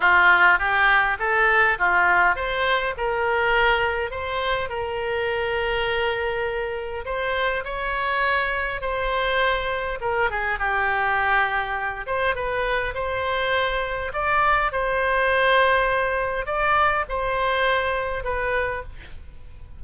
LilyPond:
\new Staff \with { instrumentName = "oboe" } { \time 4/4 \tempo 4 = 102 f'4 g'4 a'4 f'4 | c''4 ais'2 c''4 | ais'1 | c''4 cis''2 c''4~ |
c''4 ais'8 gis'8 g'2~ | g'8 c''8 b'4 c''2 | d''4 c''2. | d''4 c''2 b'4 | }